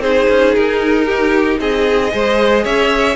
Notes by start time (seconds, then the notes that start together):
0.00 C4 D#4 G#4 C5
0.30 C#4
0.55 D#4 A#4
1.06 G4
1.61 C4 G#4 D#5
2.12 G#3 G#4 C5
2.64 C#4 C#5 E5